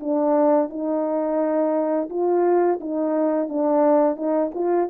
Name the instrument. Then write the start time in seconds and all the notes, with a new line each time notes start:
horn
0.00 D4
0.70 D#4
2.10 F4
2.80 D#4
3.49 D4
4.16 D#4
4.54 F4